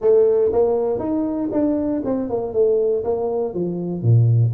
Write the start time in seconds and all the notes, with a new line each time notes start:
0.01 A3
0.52 A#3
0.99 D#4
1.52 D4
2.04 C4
2.29 A#3
2.53 A3
3.03 A#3
3.53 F3
4.02 A#2